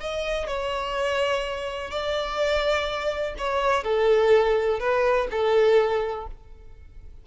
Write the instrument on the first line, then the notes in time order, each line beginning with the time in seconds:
violin
0.00 D#5
0.47 C#5
1.91 D5
3.38 C#5
3.84 A4
4.79 B4
5.31 A4